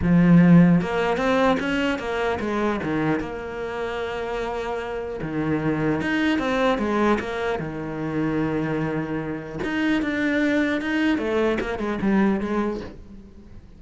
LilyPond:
\new Staff \with { instrumentName = "cello" } { \time 4/4 \tempo 4 = 150 f2 ais4 c'4 | cis'4 ais4 gis4 dis4 | ais1~ | ais4 dis2 dis'4 |
c'4 gis4 ais4 dis4~ | dis1 | dis'4 d'2 dis'4 | a4 ais8 gis8 g4 gis4 | }